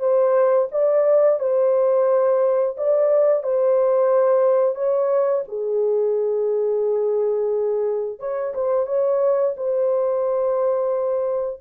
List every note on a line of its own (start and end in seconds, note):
0.00 0.68 C5
0.72 1.40 D5
1.40 2.76 C5
2.78 3.43 D5
3.43 4.75 C5
4.75 5.44 C#5
5.48 8.20 G#4
8.20 8.54 C#5
8.54 8.87 C5
8.87 9.55 C#5
9.57 11.62 C5